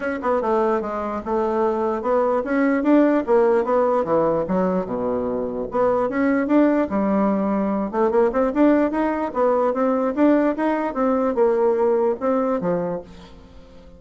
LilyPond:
\new Staff \with { instrumentName = "bassoon" } { \time 4/4 \tempo 4 = 148 cis'8 b8 a4 gis4 a4~ | a4 b4 cis'4 d'4 | ais4 b4 e4 fis4 | b,2 b4 cis'4 |
d'4 g2~ g8 a8 | ais8 c'8 d'4 dis'4 b4 | c'4 d'4 dis'4 c'4 | ais2 c'4 f4 | }